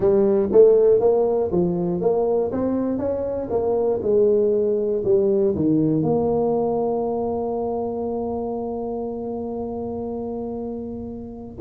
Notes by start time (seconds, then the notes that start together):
0.00 G3
0.52 A3
1.00 A#3
1.51 F3
2.00 A#3
2.51 C4
2.98 C#4
3.50 A#3
4.02 G#3
5.04 G3
5.55 D#3
6.02 A#3